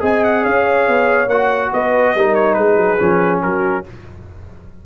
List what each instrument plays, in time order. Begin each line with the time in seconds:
0.00 tuba C4, trombone G#4, horn D#5, trumpet G#5
0.24 trumpet F#5
0.43 tuba C#4, horn C#5, trumpet F5
0.88 tuba B3
1.27 tuba A#3, trombone F#4, trumpet F#5
1.72 tuba B3, horn B4, trumpet D#5
2.15 tuba G3, trombone D#4, horn A#4
2.35 trumpet C#5
2.54 tuba G#3, horn G#4, trumpet B4
2.77 tuba F#3
2.99 tuba F3, trombone C#4
3.42 tuba F#3, horn F#4, trumpet A#4